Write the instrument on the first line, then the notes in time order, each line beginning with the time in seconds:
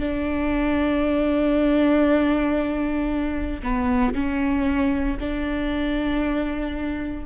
viola
0.00 D4
3.63 B3
4.15 C#4
5.20 D4